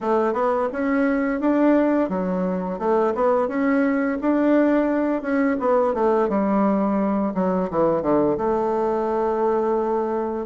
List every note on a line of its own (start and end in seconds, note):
0.01 0.33 A3
0.33 0.68 B3
0.72 1.40 C#4
1.40 2.09 D4
2.09 2.78 F#3
2.78 3.13 A3
3.14 3.48 B3
3.48 4.17 C#4
4.21 5.22 D4
5.22 5.57 C#4
5.59 5.93 B3
5.93 6.28 A3
6.28 7.33 G3
7.34 7.69 F#3
7.70 8.02 E3
8.02 8.37 D3
8.37 10.46 A3